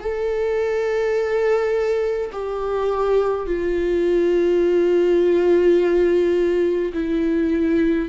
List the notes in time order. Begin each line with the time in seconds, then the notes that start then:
0.00 A4
2.32 G4
3.46 F4
6.93 E4